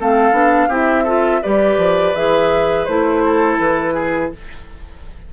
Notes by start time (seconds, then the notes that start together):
0.00 A3 C4 A4 F5
0.32 B3 D4
0.69 C4 E4 G4
0.75 E5
1.04 F4 A4
1.43 G3 G4 B4 D5
1.78 F3
2.16 E3 G#4 E5
2.85 A3 E4 C5
3.25 A4
3.60 E3 B4
3.95 G#4